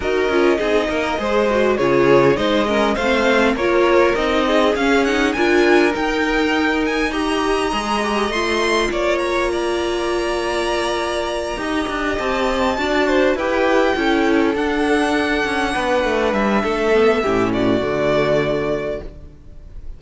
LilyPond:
<<
  \new Staff \with { instrumentName = "violin" } { \time 4/4 \tempo 4 = 101 dis''2. cis''4 | dis''4 f''4 cis''4 dis''4 | f''8 fis''8 gis''4 g''4. gis''8 | ais''2 c'''4 d''8 ais''8~ |
ais''1~ | ais''8 a''2 g''4.~ | g''8 fis''2. e''8~ | e''4. d''2~ d''8 | }
  \new Staff \with { instrumentName = "violin" } { \time 4/4 ais'4 gis'8 ais'8 c''4 gis'4 | c''8 ais'8 c''4 ais'4. gis'8~ | gis'4 ais'2. | dis''2. cis''4 |
d''2.~ d''8 dis''8~ | dis''4. d''8 c''8 b'4 a'8~ | a'2~ a'8 b'4. | a'4 g'8 fis'2~ fis'8 | }
  \new Staff \with { instrumentName = "viola" } { \time 4/4 fis'8 f'8 dis'4 gis'8 fis'8 f'4 | dis'8 cis'8 c'4 f'4 dis'4 | cis'8 dis'8 f'4 dis'2 | g'4 gis'8 g'8 f'2~ |
f'2.~ f'8 g'8~ | g'4. fis'4 g'4 e'8~ | e'8 d'2.~ d'8~ | d'8 b8 cis'4 a2 | }
  \new Staff \with { instrumentName = "cello" } { \time 4/4 dis'8 cis'8 c'8 ais8 gis4 cis4 | gis4 a4 ais4 c'4 | cis'4 d'4 dis'2~ | dis'4 gis4 a4 ais4~ |
ais2.~ ais8 dis'8 | d'8 c'4 d'4 e'4 cis'8~ | cis'8 d'4. cis'8 b8 a8 g8 | a4 a,4 d2 | }
>>